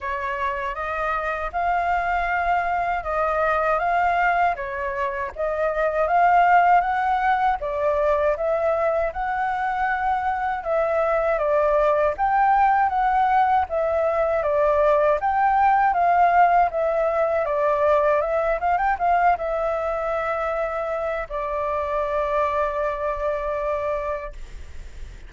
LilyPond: \new Staff \with { instrumentName = "flute" } { \time 4/4 \tempo 4 = 79 cis''4 dis''4 f''2 | dis''4 f''4 cis''4 dis''4 | f''4 fis''4 d''4 e''4 | fis''2 e''4 d''4 |
g''4 fis''4 e''4 d''4 | g''4 f''4 e''4 d''4 | e''8 f''16 g''16 f''8 e''2~ e''8 | d''1 | }